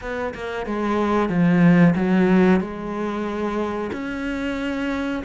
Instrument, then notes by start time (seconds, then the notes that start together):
cello
0.01 B3
0.34 A#3
0.66 G#3
1.29 F3
1.95 F#3
2.60 G#3
3.92 C#4